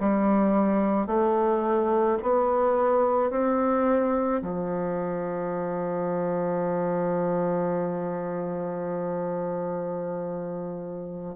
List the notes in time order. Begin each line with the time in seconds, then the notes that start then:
0.00 G3
1.07 A3
2.22 B3
3.30 C4
4.42 F3